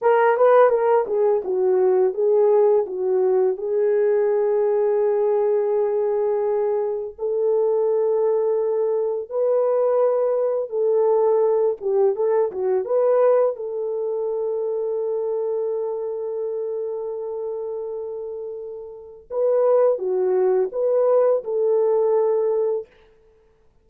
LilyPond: \new Staff \with { instrumentName = "horn" } { \time 4/4 \tempo 4 = 84 ais'8 b'8 ais'8 gis'8 fis'4 gis'4 | fis'4 gis'2.~ | gis'2 a'2~ | a'4 b'2 a'4~ |
a'8 g'8 a'8 fis'8 b'4 a'4~ | a'1~ | a'2. b'4 | fis'4 b'4 a'2 | }